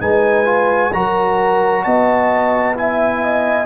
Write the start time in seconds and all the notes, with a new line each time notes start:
0.00 G#3 D#4 B4 G#5
0.45 F4
0.93 F#3 F#4 A#4 A#5
1.84 B3 D#5 A5
2.75 E4 E5 G#5
3.24 D#5